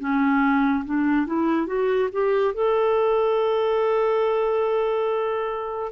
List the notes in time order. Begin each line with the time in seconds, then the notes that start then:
0.00 C#4
0.85 D4
1.27 E4
1.67 F#4
2.12 G4
2.55 A4